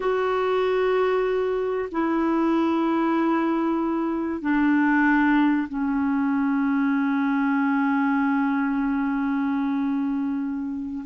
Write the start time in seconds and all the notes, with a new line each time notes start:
0.00 F#4
1.91 E4
4.41 D4
5.68 C#4